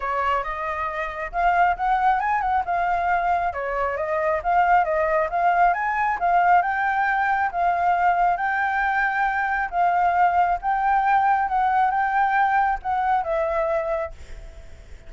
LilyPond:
\new Staff \with { instrumentName = "flute" } { \time 4/4 \tempo 4 = 136 cis''4 dis''2 f''4 | fis''4 gis''8 fis''8 f''2 | cis''4 dis''4 f''4 dis''4 | f''4 gis''4 f''4 g''4~ |
g''4 f''2 g''4~ | g''2 f''2 | g''2 fis''4 g''4~ | g''4 fis''4 e''2 | }